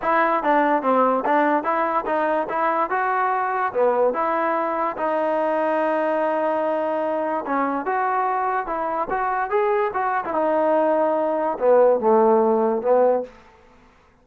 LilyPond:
\new Staff \with { instrumentName = "trombone" } { \time 4/4 \tempo 4 = 145 e'4 d'4 c'4 d'4 | e'4 dis'4 e'4 fis'4~ | fis'4 b4 e'2 | dis'1~ |
dis'2 cis'4 fis'4~ | fis'4 e'4 fis'4 gis'4 | fis'8. e'16 dis'2. | b4 a2 b4 | }